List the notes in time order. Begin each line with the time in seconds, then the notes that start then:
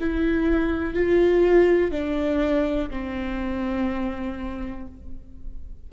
0.00 E4
0.94 F4
1.91 D4
2.90 C4